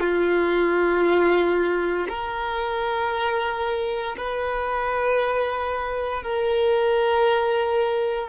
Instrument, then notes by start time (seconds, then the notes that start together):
violin
0.00 F4
2.09 A#4
4.17 B4
6.23 A#4